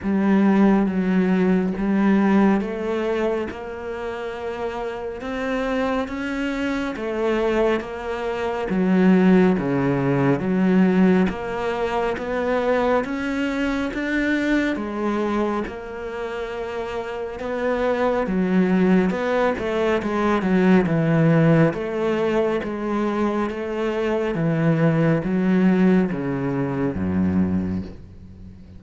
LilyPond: \new Staff \with { instrumentName = "cello" } { \time 4/4 \tempo 4 = 69 g4 fis4 g4 a4 | ais2 c'4 cis'4 | a4 ais4 fis4 cis4 | fis4 ais4 b4 cis'4 |
d'4 gis4 ais2 | b4 fis4 b8 a8 gis8 fis8 | e4 a4 gis4 a4 | e4 fis4 cis4 fis,4 | }